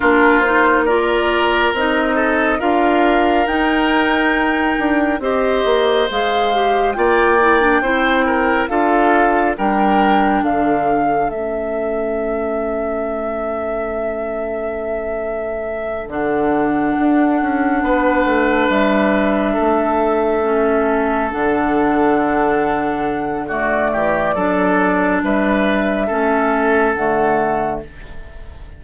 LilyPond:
<<
  \new Staff \with { instrumentName = "flute" } { \time 4/4 \tempo 4 = 69 ais'8 c''8 d''4 dis''4 f''4 | g''2 dis''4 f''4 | g''2 f''4 g''4 | f''4 e''2.~ |
e''2~ e''8 fis''4.~ | fis''4. e''2~ e''8~ | e''8 fis''2~ fis''8 d''4~ | d''4 e''2 fis''4 | }
  \new Staff \with { instrumentName = "oboe" } { \time 4/4 f'4 ais'4. a'8 ais'4~ | ais'2 c''2 | d''4 c''8 ais'8 a'4 ais'4 | a'1~ |
a'1~ | a'8 b'2 a'4.~ | a'2. fis'8 g'8 | a'4 b'4 a'2 | }
  \new Staff \with { instrumentName = "clarinet" } { \time 4/4 d'8 dis'8 f'4 dis'4 f'4 | dis'2 g'4 gis'8 g'8 | f'8 e'16 d'16 e'4 f'4 d'4~ | d'4 cis'2.~ |
cis'2~ cis'8 d'4.~ | d'2.~ d'8 cis'8~ | cis'8 d'2~ d'8 a4 | d'2 cis'4 a4 | }
  \new Staff \with { instrumentName = "bassoon" } { \time 4/4 ais2 c'4 d'4 | dis'4. d'8 c'8 ais8 gis4 | ais4 c'4 d'4 g4 | d4 a2.~ |
a2~ a8 d4 d'8 | cis'8 b8 a8 g4 a4.~ | a8 d2. e8 | fis4 g4 a4 d4 | }
>>